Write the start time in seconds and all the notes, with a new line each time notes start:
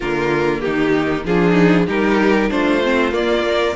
0.00 D3 A#3 F4 A#4
0.60 D#3 D#4 G4
1.25 F3 D4 F4 G#4
1.52 D#4
1.86 G3 D#4 G4 A#4
2.50 A3 D4 F4 C5
2.83 C4
3.11 A#3 D5
3.45 A#4